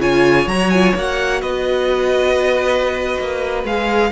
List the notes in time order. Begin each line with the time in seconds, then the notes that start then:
0.00 C#3 F4 C#5 G#5
0.46 F#3 A#5
0.52 F#4
0.70 F4 G#5
0.96 A#3 F#4 F#5
1.41 B3 B4 D#5
3.20 A#3
3.64 G#3 G#4 F5